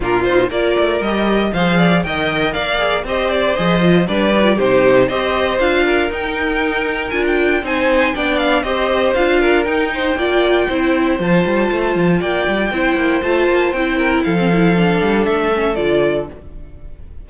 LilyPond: <<
  \new Staff \with { instrumentName = "violin" } { \time 4/4 \tempo 4 = 118 ais'8 c''8 d''4 dis''4 f''4 | g''4 f''4 dis''8 d''8 dis''4 | d''4 c''4 dis''4 f''4 | g''2 gis''16 g''8. gis''4 |
g''8 f''8 dis''4 f''4 g''4~ | g''2 a''2 | g''2 a''4 g''4 | f''2 e''4 d''4 | }
  \new Staff \with { instrumentName = "violin" } { \time 4/4 f'4 ais'2 c''8 d''8 | dis''4 d''4 c''2 | b'4 g'4 c''4. ais'8~ | ais'2. c''4 |
d''4 c''4. ais'4 c''8 | d''4 c''2. | d''4 c''2~ c''8 ais'8 | a'1 | }
  \new Staff \with { instrumentName = "viola" } { \time 4/4 d'8 dis'8 f'4 g'4 gis'4 | ais'4. gis'8 g'4 gis'8 f'8 | d'8 dis'16 f'16 dis'4 g'4 f'4 | dis'2 f'4 dis'4 |
d'4 g'4 f'4 dis'4 | f'4 e'4 f'2~ | f'4 e'4 f'4 e'4~ | e'16 c'16 e'8 d'4. cis'8 f'4 | }
  \new Staff \with { instrumentName = "cello" } { \time 4/4 ais,4 ais8 a8 g4 f4 | dis4 ais4 c'4 f4 | g4 c4 c'4 d'4 | dis'2 d'4 c'4 |
b4 c'4 d'4 dis'4 | ais4 c'4 f8 g8 a8 f8 | ais8 g8 c'8 ais8 a8 ais8 c'4 | f4. g8 a4 d4 | }
>>